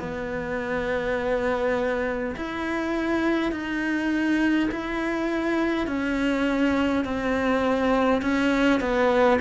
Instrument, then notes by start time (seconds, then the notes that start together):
cello
0.00 B3
2.37 E4
3.52 D#4
4.72 E4
5.88 C#4
7.05 C4
8.22 C#4
8.81 B3